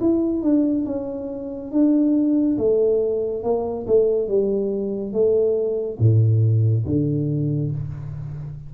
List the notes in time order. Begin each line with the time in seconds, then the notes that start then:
0.00 E4
0.42 D4
0.86 C#4
1.72 D4
2.58 A3
3.43 A#3
3.87 A3
4.28 G3
5.13 A3
6.00 A2
6.86 D3